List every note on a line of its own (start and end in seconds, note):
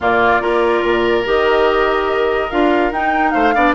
0.00 0.41 A#2
0.00 0.41 A#3
0.00 0.41 F4
0.00 1.26 D5
0.41 0.83 A#3
0.41 1.24 F4
0.41 3.33 A#4
0.83 1.25 A#2
1.25 2.51 D#3
1.25 2.50 G4
1.25 2.50 D#5
2.50 2.91 D4
2.50 2.92 F4
2.50 2.92 F5
2.91 3.33 D#4
2.91 3.54 D#4
2.91 3.31 G5
3.31 3.55 A3
3.31 3.54 C5
3.31 3.72 F5
3.54 3.75 B3
3.54 3.75 D4
3.54 3.75 D5